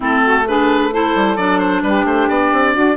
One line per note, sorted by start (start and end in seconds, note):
0.00 1.15 A3
0.00 0.43 C4
0.00 0.23 E4
0.00 0.47 A4
0.24 0.47 F#4
0.47 0.92 D4
0.47 0.91 G#4
0.47 0.93 B4
0.91 1.37 E4
0.91 1.82 A4
0.91 1.36 C5
1.15 1.37 G3
1.36 1.82 F#3
1.36 2.96 D4
1.36 1.59 D5
1.59 1.81 C5
1.82 2.04 G3
1.82 2.73 G4
1.82 2.05 B4
2.04 2.27 A3
2.04 2.28 C5
2.28 2.52 B3
2.28 2.96 D5
2.52 2.75 C4
2.73 2.96 D4
2.73 2.96 F#4